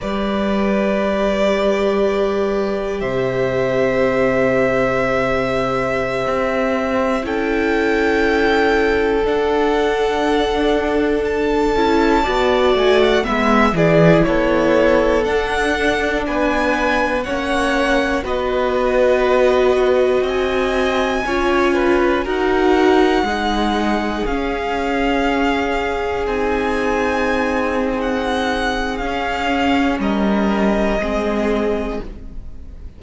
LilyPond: <<
  \new Staff \with { instrumentName = "violin" } { \time 4/4 \tempo 4 = 60 d''2. e''4~ | e''2.~ e''16 g''8.~ | g''4~ g''16 fis''2 a''8.~ | a''8. gis''16 fis''16 e''8 d''8 cis''4 fis''8.~ |
fis''16 gis''4 fis''4 dis''4.~ dis''16~ | dis''16 gis''2 fis''4.~ fis''16~ | fis''16 f''2 gis''4.~ gis''16 | fis''4 f''4 dis''2 | }
  \new Staff \with { instrumentName = "violin" } { \time 4/4 b'2. c''4~ | c''2.~ c''16 a'8.~ | a'1~ | a'16 d''4 e''8 gis'8 a'4.~ a'16~ |
a'16 b'4 cis''4 b'4.~ b'16~ | b'16 dis''4 cis''8 b'8 ais'4 gis'8.~ | gis'1~ | gis'2 ais'4 gis'4 | }
  \new Staff \with { instrumentName = "viola" } { \time 4/4 g'1~ | g'2.~ g'16 e'8.~ | e'4~ e'16 d'2~ d'8 e'16~ | e'16 fis'4 b8 e'4. d'8.~ |
d'4~ d'16 cis'4 fis'4.~ fis'16~ | fis'4~ fis'16 f'4 fis'4 dis'8.~ | dis'16 cis'2 dis'4.~ dis'16~ | dis'4 cis'2 c'4 | }
  \new Staff \with { instrumentName = "cello" } { \time 4/4 g2. c4~ | c2~ c16 c'4 cis'8.~ | cis'4~ cis'16 d'2~ d'8 cis'16~ | cis'16 b8 a8 gis8 e8 b4 d'8.~ |
d'16 b4 ais4 b4.~ b16~ | b16 c'4 cis'4 dis'4 gis8.~ | gis16 cis'2 c'4.~ c'16~ | c'4 cis'4 g4 gis4 | }
>>